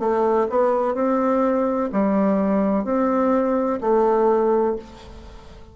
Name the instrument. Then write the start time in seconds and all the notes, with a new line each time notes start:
bassoon
0.00 A3
0.50 B3
0.95 C4
1.93 G3
2.84 C4
3.81 A3